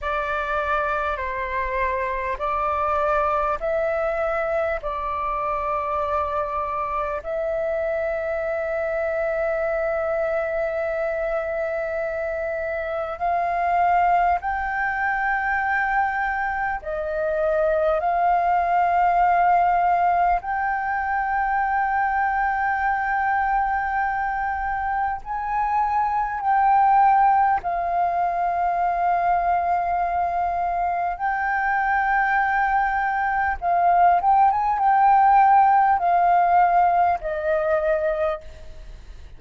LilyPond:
\new Staff \with { instrumentName = "flute" } { \time 4/4 \tempo 4 = 50 d''4 c''4 d''4 e''4 | d''2 e''2~ | e''2. f''4 | g''2 dis''4 f''4~ |
f''4 g''2.~ | g''4 gis''4 g''4 f''4~ | f''2 g''2 | f''8 g''16 gis''16 g''4 f''4 dis''4 | }